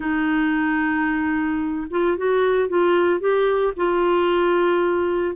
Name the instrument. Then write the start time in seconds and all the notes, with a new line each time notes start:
clarinet
0.00 D#4
1.90 F4
2.17 F#4
2.68 F4
3.20 G4
3.76 F4